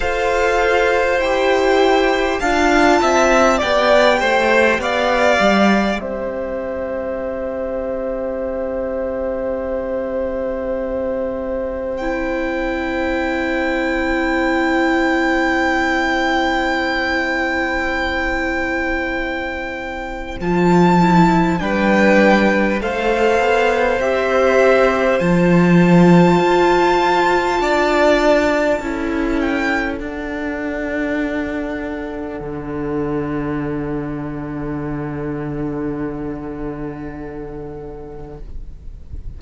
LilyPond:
<<
  \new Staff \with { instrumentName = "violin" } { \time 4/4 \tempo 4 = 50 f''4 g''4 a''4 g''4 | f''4 e''2.~ | e''2 g''2~ | g''1~ |
g''4 a''4 g''4 f''4 | e''4 a''2.~ | a''8 g''8 fis''2.~ | fis''1 | }
  \new Staff \with { instrumentName = "violin" } { \time 4/4 c''2 f''8 e''8 d''8 c''8 | d''4 c''2.~ | c''1~ | c''1~ |
c''2 b'4 c''4~ | c''2. d''4 | a'1~ | a'1 | }
  \new Staff \with { instrumentName = "viola" } { \time 4/4 a'4 g'4 f'4 g'4~ | g'1~ | g'2 e'2~ | e'1~ |
e'4 f'8 e'8 d'4 a'4 | g'4 f'2. | e'4 d'2.~ | d'1 | }
  \new Staff \with { instrumentName = "cello" } { \time 4/4 f'4 e'4 d'8 c'8 b8 a8 | b8 g8 c'2.~ | c'1~ | c'1~ |
c'4 f4 g4 a8 b8 | c'4 f4 f'4 d'4 | cis'4 d'2 d4~ | d1 | }
>>